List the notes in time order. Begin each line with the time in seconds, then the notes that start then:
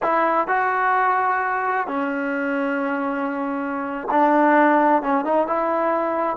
0.02 E4
0.47 F#4
1.87 C#4
4.10 D4
5.02 C#4
5.24 D#4
5.47 E4